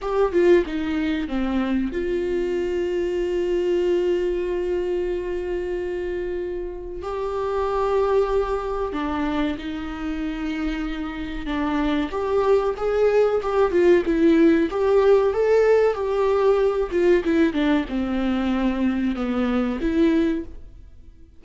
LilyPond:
\new Staff \with { instrumentName = "viola" } { \time 4/4 \tempo 4 = 94 g'8 f'8 dis'4 c'4 f'4~ | f'1~ | f'2. g'4~ | g'2 d'4 dis'4~ |
dis'2 d'4 g'4 | gis'4 g'8 f'8 e'4 g'4 | a'4 g'4. f'8 e'8 d'8 | c'2 b4 e'4 | }